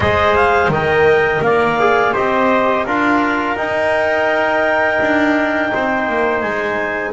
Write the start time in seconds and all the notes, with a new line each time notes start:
0.00 G#3 G#4 C5 D#5
0.35 F5
0.68 D#3 A#4 D#5 G5
1.41 A#3 D5 F5
1.79 G#4
2.13 C4 G4 C5 D#5
2.86 D4 F4 A#4 F5
3.56 D#4 G5
5.01 D4
5.73 C4 C5
6.08 A#3
6.40 G#3 G#5